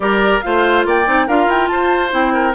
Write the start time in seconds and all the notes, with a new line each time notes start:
0.00 G3 G4 A#4 D5
0.41 A3 F4 C5 F5
0.85 A#3 D5 G5
1.05 C4 D#4
1.26 D4 F4 A#4 F5
1.46 E4 G5
1.67 F4 C5 A5
2.10 C4 E4 G5
2.33 A#4